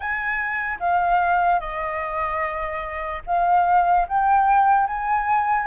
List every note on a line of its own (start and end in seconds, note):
0.00 0.78 G#5
0.79 1.60 F5
1.60 3.22 D#5
3.26 4.07 F5
4.08 4.86 G5
4.86 5.66 G#5